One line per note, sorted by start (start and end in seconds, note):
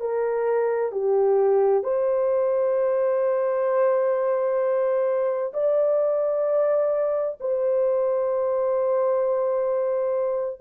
0.00 0.91 A#4
0.91 1.83 G4
1.83 5.53 C5
5.53 7.38 D5
7.40 10.61 C5